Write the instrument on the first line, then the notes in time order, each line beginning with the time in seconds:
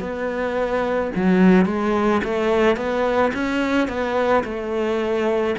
cello
0.00 B3
1.15 F#3
1.65 G#3
2.24 A3
2.76 B3
3.33 C#4
3.88 B3
4.43 A3